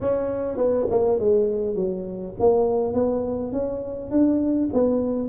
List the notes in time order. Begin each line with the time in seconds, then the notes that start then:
0.00 C#4
0.57 B3
0.90 A#3
1.19 G#3
1.75 F#3
2.39 A#3
2.93 B3
3.52 C#4
4.10 D4
4.73 B3